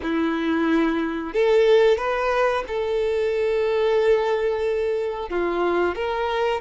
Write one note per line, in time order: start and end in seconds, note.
0.02 1.33 E4
1.33 1.97 A4
1.97 2.63 B4
2.67 5.29 A4
5.29 5.95 F4
5.95 6.61 A#4